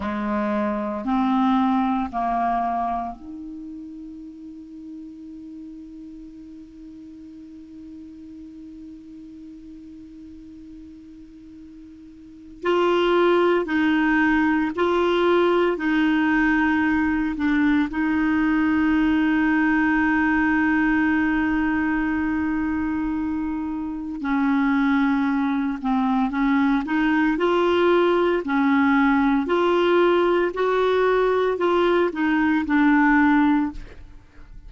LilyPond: \new Staff \with { instrumentName = "clarinet" } { \time 4/4 \tempo 4 = 57 gis4 c'4 ais4 dis'4~ | dis'1~ | dis'1 | f'4 dis'4 f'4 dis'4~ |
dis'8 d'8 dis'2.~ | dis'2. cis'4~ | cis'8 c'8 cis'8 dis'8 f'4 cis'4 | f'4 fis'4 f'8 dis'8 d'4 | }